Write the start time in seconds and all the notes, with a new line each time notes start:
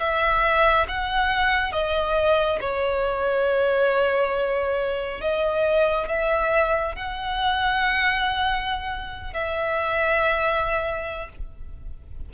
0.00 E5
0.89 F#5
1.73 D#5
2.61 C#5
5.22 D#5
6.09 E5
6.96 F#5
9.34 E5